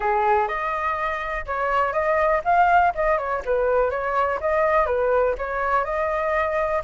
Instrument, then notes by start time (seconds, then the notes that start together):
flute
0.00 G#4
0.47 D#5
1.45 C#5
1.92 D#5
2.44 F5
2.94 D#5
3.18 C#5
3.45 B4
3.90 C#5
4.40 D#5
4.86 B4
5.38 C#5
5.84 D#5